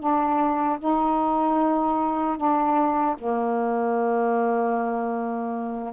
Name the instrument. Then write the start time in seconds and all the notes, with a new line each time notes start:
saxophone
0.00 D4
0.80 D#4
2.38 D4
3.19 A#3